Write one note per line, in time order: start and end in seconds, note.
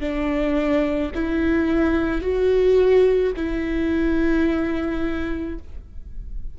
0.00 1.11 D4
1.14 2.21 E4
2.21 3.32 F#4
3.36 5.58 E4